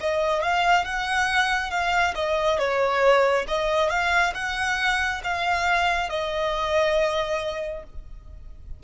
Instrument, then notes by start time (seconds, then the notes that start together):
violin
0.00 D#5
0.43 F5
0.85 F#5
1.70 F5
2.15 D#5
2.58 C#5
3.48 D#5
3.90 F5
4.34 F#5
5.24 F5
6.09 D#5